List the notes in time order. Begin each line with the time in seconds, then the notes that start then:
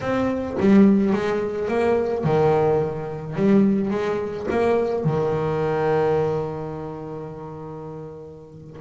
0.00 C4
0.59 G3
1.12 G#3
1.68 A#3
2.24 D#3
3.35 G3
3.90 G#3
4.50 A#3
5.04 D#3